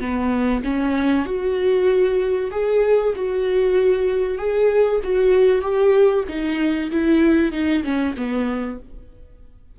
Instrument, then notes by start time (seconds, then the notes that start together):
viola
0.00 B3
0.64 C#4
1.26 F#4
2.51 G#4
3.16 F#4
4.38 G#4
5.04 F#4
5.62 G4
6.28 D#4
6.91 E4
7.52 D#4
7.84 C#4
8.17 B3